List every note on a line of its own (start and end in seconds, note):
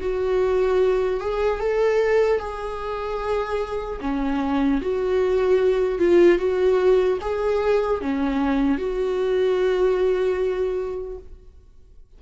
0.00 1.20 F#4
1.20 1.60 G#4
1.60 2.39 A4
2.39 3.99 G#4
4.00 4.80 C#4
4.81 5.99 F#4
5.99 6.38 F4
6.38 7.18 F#4
7.21 8.01 G#4
8.01 8.78 C#4
8.78 11.18 F#4